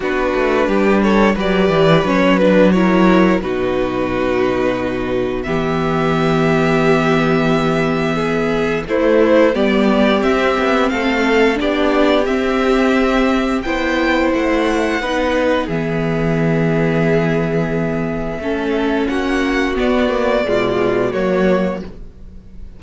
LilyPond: <<
  \new Staff \with { instrumentName = "violin" } { \time 4/4 \tempo 4 = 88 b'4. cis''8 d''4 cis''8 b'8 | cis''4 b'2. | e''1~ | e''4 c''4 d''4 e''4 |
f''4 d''4 e''2 | g''4 fis''2 e''4~ | e''1 | fis''4 d''2 cis''4 | }
  \new Staff \with { instrumentName = "violin" } { \time 4/4 fis'4 g'8 a'8 b'2 | ais'4 fis'2. | g'1 | gis'4 e'4 g'2 |
a'4 g'2. | c''2 b'4 gis'4~ | gis'2. a'4 | fis'2 f'4 fis'4 | }
  \new Staff \with { instrumentName = "viola" } { \time 4/4 d'2 g'4 cis'8 d'8 | e'4 dis'2. | b1~ | b4 a4 b4 c'4~ |
c'4 d'4 c'2 | e'2 dis'4 b4~ | b2. cis'4~ | cis'4 b8 ais8 gis4 ais4 | }
  \new Staff \with { instrumentName = "cello" } { \time 4/4 b8 a8 g4 fis8 e8 fis4~ | fis4 b,2. | e1~ | e4 a4 g4 c'8 b8 |
a4 b4 c'2 | b4 a4 b4 e4~ | e2. a4 | ais4 b4 b,4 fis4 | }
>>